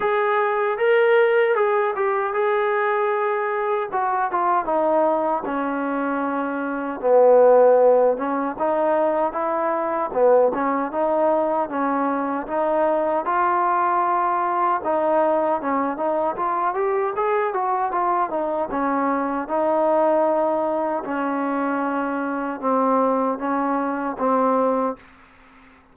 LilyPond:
\new Staff \with { instrumentName = "trombone" } { \time 4/4 \tempo 4 = 77 gis'4 ais'4 gis'8 g'8 gis'4~ | gis'4 fis'8 f'8 dis'4 cis'4~ | cis'4 b4. cis'8 dis'4 | e'4 b8 cis'8 dis'4 cis'4 |
dis'4 f'2 dis'4 | cis'8 dis'8 f'8 g'8 gis'8 fis'8 f'8 dis'8 | cis'4 dis'2 cis'4~ | cis'4 c'4 cis'4 c'4 | }